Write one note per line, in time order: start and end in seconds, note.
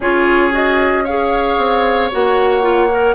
0.00 1.57 C#4
0.00 0.51 F4
0.00 1.04 G#4
0.00 0.53 C#5
0.51 1.04 F#4
0.51 1.05 D#5
1.04 2.11 G#4
1.04 3.14 C#5
1.04 2.11 F5
1.57 2.10 C4
2.11 3.14 A#3
2.11 2.61 F#4
2.11 3.14 F#5
2.61 2.88 F4
2.91 3.14 A#4